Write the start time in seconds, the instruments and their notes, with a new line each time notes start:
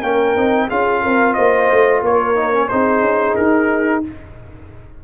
0.00 tuba A#3, trombone C#4, horn A#4, trumpet G5
0.36 tuba C4, trombone D#4
0.69 tuba C#4, trombone F4, horn G#4, trumpet F5
1.02 tuba C4, horn A#4
1.34 tuba A#3, horn C5, trumpet D#5
1.72 tuba A3
2.02 tuba A#3, horn A#4, trumpet C#5
2.36 trombone D#4
2.53 trombone C#4
2.69 tuba C4, trombone D#4, horn G#4, trumpet C5
3.01 tuba C#4
3.36 tuba D#4, trumpet A#4